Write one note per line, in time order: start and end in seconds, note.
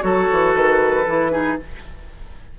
0.00 0.29 F#3
0.00 1.03 F#4
0.00 1.32 A4
0.00 0.54 C#5
0.32 0.55 E3
0.55 1.07 D#3
0.55 1.58 B4
1.07 1.59 E3
1.07 1.31 E4
1.31 1.57 D#4
1.31 1.58 G#4